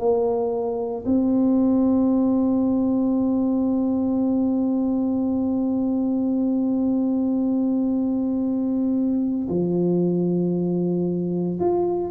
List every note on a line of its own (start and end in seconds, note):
0.00 1.05 A#3
1.06 9.48 C4
9.49 11.60 F3
11.60 12.11 F4